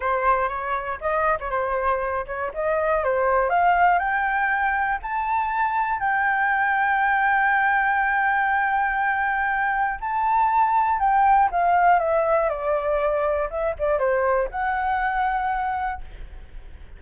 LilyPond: \new Staff \with { instrumentName = "flute" } { \time 4/4 \tempo 4 = 120 c''4 cis''4 dis''8. cis''16 c''4~ | c''8 cis''8 dis''4 c''4 f''4 | g''2 a''2 | g''1~ |
g''1 | a''2 g''4 f''4 | e''4 d''2 e''8 d''8 | c''4 fis''2. | }